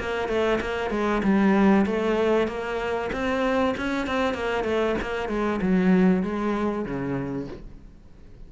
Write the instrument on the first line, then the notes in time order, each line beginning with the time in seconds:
cello
0.00 A#3
0.29 A3
0.61 A#3
0.91 G#3
1.24 G3
1.86 A3
2.48 A#3
3.13 C4
3.78 C#4
4.07 C4
4.34 A#3
4.64 A3
5.02 A#3
5.29 G#3
5.62 F#3
6.23 G#3
6.85 C#3